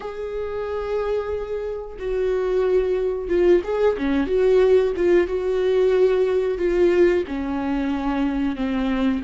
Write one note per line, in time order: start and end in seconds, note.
0.00 1.97 G#4
1.98 3.28 F#4
3.28 3.61 F4
3.64 3.97 G#4
3.97 4.26 C#4
4.26 4.92 F#4
4.96 5.27 F4
5.27 6.58 F#4
6.58 7.23 F4
7.27 8.56 C#4
8.56 9.22 C4